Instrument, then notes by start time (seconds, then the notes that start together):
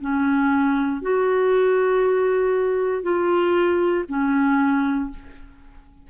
clarinet
0.00 C#4
1.02 F#4
3.02 F4
4.08 C#4